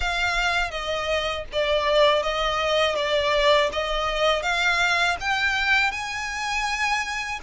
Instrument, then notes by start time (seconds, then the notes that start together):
violin
0.00 F5
0.70 D#5
1.52 D5
2.23 D#5
2.95 D5
3.72 D#5
4.42 F5
5.20 G5
5.91 G#5